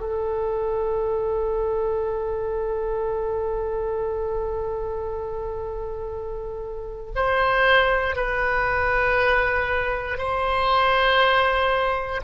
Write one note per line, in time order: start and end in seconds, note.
0.00 7.12 A4
7.15 8.15 C5
8.15 10.17 B4
10.17 12.21 C5